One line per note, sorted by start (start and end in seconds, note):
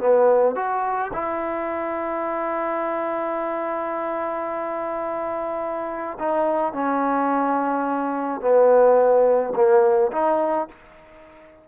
0.00 0.56 B3
0.56 1.12 F#4
1.13 6.18 E4
6.19 6.73 D#4
6.73 8.41 C#4
8.41 9.54 B3
9.56 10.12 A#3
10.12 10.68 D#4